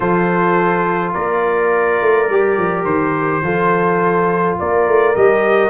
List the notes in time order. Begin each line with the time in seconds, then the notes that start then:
0.00 F3 F4 A4 C5
1.13 A#3 A#4 D5
2.01 A3
2.29 G3 G4
2.57 F3
2.84 D#3 C5
3.42 F3 F4 A4
4.59 A#3 A#4 D5
4.87 A3
5.15 G3 G4 D#5